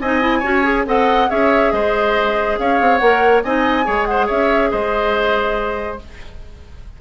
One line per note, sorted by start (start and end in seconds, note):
0.00 0.43 C4
0.00 0.20 D#4
0.00 0.39 D#5
0.00 0.87 G#5
0.20 0.42 E4
0.39 0.86 C#4
0.39 0.63 F#4
0.39 0.82 C#5
0.63 0.85 G#4
0.86 1.29 C4
0.86 1.29 A4
0.86 1.30 D#5
0.86 1.30 F#5
1.29 1.72 C#4
1.29 3.00 G#4
1.29 1.72 C#5
1.29 1.72 E5
1.72 2.58 G#3
1.72 2.59 C5
1.72 2.57 D#5
2.58 2.80 C#4
2.58 3.43 C#5
2.58 2.97 F5
2.80 3.01 C4
2.97 3.44 A#3
2.97 3.44 A#4
2.97 3.40 F#5
3.43 3.87 C4
3.43 3.84 D#4
3.43 3.85 D#5
3.43 4.05 G#5
3.84 4.29 G#3
3.84 5.98 G#4
3.84 4.07 C#5
4.05 4.26 C5
4.05 4.27 F#5
4.26 4.72 C#4
4.26 4.69 C#5
4.26 4.70 E5
4.70 6.01 G#3
4.70 5.99 C5
4.70 5.99 D#5